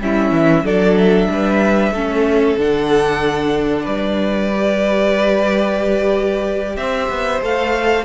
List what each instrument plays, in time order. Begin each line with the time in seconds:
0.00 cello G3, viola C#4, violin E4 E5
0.32 cello E3
0.64 cello F#3, viola D4, violin A4 D5
0.99 violin E5
1.30 cello G3, violin B4
1.92 cello A3, viola C#4, violin A4
2.58 cello D3, viola D4, violin F#5
3.83 cello G3, violin B4 D5
4.56 viola G4
6.77 cello C4, violin C5 E5
7.10 cello B3
7.43 cello A3, viola A4, violin F5